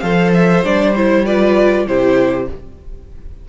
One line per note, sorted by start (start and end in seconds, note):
0.00 0.64 F3
0.00 0.64 A4
0.00 1.25 C5
0.00 0.31 F5
0.34 0.64 E5
0.64 1.87 G3
0.64 0.95 D4
0.64 0.95 D5
0.95 1.26 E4
0.95 1.26 C5
1.25 1.87 F4
1.25 1.86 B4
1.25 1.87 D5
1.87 2.48 C3
1.87 2.48 E4
1.87 2.49 G4
1.87 2.48 C5